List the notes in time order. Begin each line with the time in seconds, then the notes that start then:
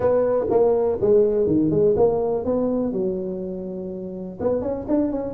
0.00 B3
0.50 A#3
1.01 G#3
1.46 D#3
1.70 G#3
1.96 A#3
2.45 B3
2.92 F#3
4.40 B3
4.61 C#4
4.88 D4
5.11 C#4